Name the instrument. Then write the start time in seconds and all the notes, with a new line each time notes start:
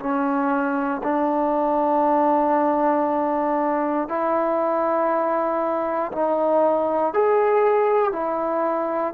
trombone
0.00 C#4
1.04 D4
4.09 E4
6.12 D#4
7.14 G#4
8.13 E4